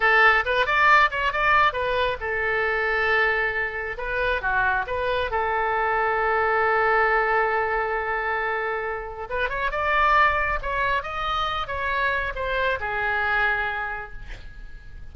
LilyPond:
\new Staff \with { instrumentName = "oboe" } { \time 4/4 \tempo 4 = 136 a'4 b'8 d''4 cis''8 d''4 | b'4 a'2.~ | a'4 b'4 fis'4 b'4 | a'1~ |
a'1~ | a'4 b'8 cis''8 d''2 | cis''4 dis''4. cis''4. | c''4 gis'2. | }